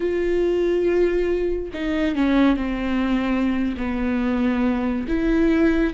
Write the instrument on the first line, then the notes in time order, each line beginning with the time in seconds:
viola
0.00 F4
1.73 D#4
2.15 C#4
2.56 C4
3.77 B3
5.07 E4